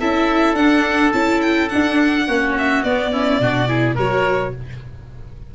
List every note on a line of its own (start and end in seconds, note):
0.00 0.54 C#4
0.00 0.56 E4
0.00 2.26 A4
0.00 0.56 E5
0.54 1.10 D4
0.54 1.13 D4
0.54 1.12 F#5
1.13 1.70 C#4
1.13 1.70 E4
1.13 1.41 A5
1.41 1.69 G5
1.69 2.27 D4
1.69 2.28 D4
1.69 2.54 F#5
2.26 2.84 A#3
2.26 2.84 C#4
2.26 3.11 F#4
2.58 2.83 E5
2.83 3.40 B3
2.83 3.12 B3
2.83 3.96 D5
3.12 3.40 C#4
3.12 3.40 E4
3.40 3.97 B2
3.40 3.68 D4
3.40 3.69 F#4
3.68 3.96 E4
3.68 3.95 G#4
3.95 4.55 F#3
3.95 4.55 F#4
3.95 4.52 A#4
3.95 4.55 C#5